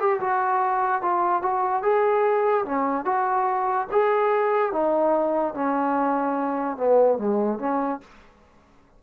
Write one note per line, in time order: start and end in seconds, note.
0.00 0.21 G4
0.21 1.02 F#4
1.02 1.43 F4
1.43 1.83 F#4
1.83 2.65 G#4
2.66 3.06 C#4
3.06 3.88 F#4
3.92 4.73 G#4
4.73 5.55 D#4
5.55 6.78 C#4
6.78 7.19 B3
7.19 7.60 G#3
7.60 8.01 C#4